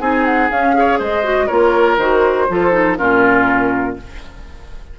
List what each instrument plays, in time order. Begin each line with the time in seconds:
0.00 bassoon C4, clarinet D#4, oboe G#4, flute G#5
0.25 flute F#5
0.50 bassoon C#4, clarinet C#4, flute F5
0.74 clarinet G#4, oboe C#5
0.99 bassoon G#3, oboe C5, flute D#5
1.24 clarinet F#4
1.47 bassoon A#3, clarinet F4, oboe A#4, flute C#5
1.98 bassoon D#3, clarinet F#4, flute C5
2.50 bassoon F3, clarinet F4, oboe A4
2.72 clarinet D#4
2.97 bassoon A#2, clarinet C#4, oboe F4, flute A#4